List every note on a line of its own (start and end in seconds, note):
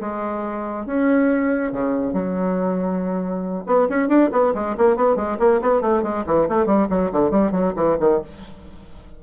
0.00 0.86 G#3
0.86 1.72 C#4
1.72 2.13 C#3
2.13 3.64 F#3
3.66 3.88 B3
3.89 4.08 C#4
4.08 4.29 D4
4.32 4.53 B3
4.54 4.76 G#3
4.77 4.96 A#3
4.96 5.16 B3
5.16 5.37 G#3
5.39 5.60 A#3
5.61 5.81 B3
5.81 6.02 A3
6.03 6.24 G#3
6.26 6.47 E3
6.48 6.66 A3
6.66 6.87 G3
6.89 7.11 F#3
7.11 7.30 D3
7.30 7.51 G3
7.51 7.73 F#3
7.75 7.97 E3
8.00 8.21 D#3